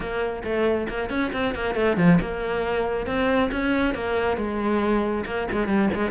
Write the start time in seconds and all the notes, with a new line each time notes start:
0.00 A#3
0.43 A3
0.88 A#3
1.09 C#4
1.33 C4
1.54 A#3
1.75 A3
1.96 F3
2.21 A#3
3.06 C4
3.51 C#4
3.94 A#3
4.37 G#3
5.25 A#3
5.51 G#3
5.67 G3
5.94 G#3